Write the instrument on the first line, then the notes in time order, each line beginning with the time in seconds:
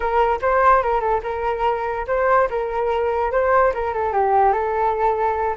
flute
0.00 A#4
0.41 C5
0.82 A#4
1.00 A4
1.23 A#4
2.07 C5
2.49 A#4
3.31 C5
3.74 A#4
3.93 A4
4.12 G4
4.52 A4